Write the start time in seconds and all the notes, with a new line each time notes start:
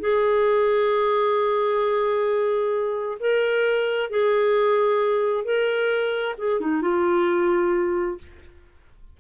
0.00 G#4
3.20 A#4
4.10 G#4
5.44 A#4
6.38 G#4
6.61 D#4
6.82 F4